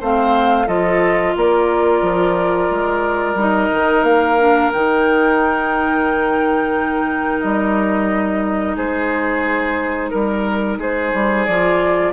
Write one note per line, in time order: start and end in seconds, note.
0.00 0.67 A3
0.00 0.67 C4
0.00 0.67 C5
0.00 0.68 F5
0.67 1.35 F3
0.67 3.37 F4
0.67 1.34 A4
0.67 1.35 D#5
1.36 2.02 A#3
1.36 8.76 A#4
1.36 3.40 D5
2.02 2.70 F3
2.70 3.35 G#3
3.35 3.68 G3
3.35 4.39 D#4
3.35 4.04 D#5
3.72 4.03 D#3
4.03 4.70 A#3
4.03 4.71 F5
4.39 4.73 D4
4.72 7.43 D#3
4.72 11.49 D#4
4.72 7.41 G5
7.41 8.77 G3
7.41 8.75 D#5
8.76 10.12 G#3
8.76 10.11 G#4
8.76 10.11 C5
10.11 10.78 G3
10.11 10.78 A#4
10.78 11.12 G#3
10.78 12.13 G#4
10.78 11.46 C5
11.13 11.47 G3
11.46 12.13 F3
11.46 12.13 F4
11.46 12.13 D5